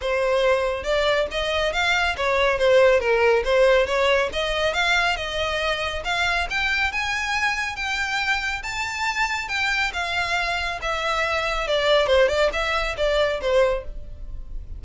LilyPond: \new Staff \with { instrumentName = "violin" } { \time 4/4 \tempo 4 = 139 c''2 d''4 dis''4 | f''4 cis''4 c''4 ais'4 | c''4 cis''4 dis''4 f''4 | dis''2 f''4 g''4 |
gis''2 g''2 | a''2 g''4 f''4~ | f''4 e''2 d''4 | c''8 d''8 e''4 d''4 c''4 | }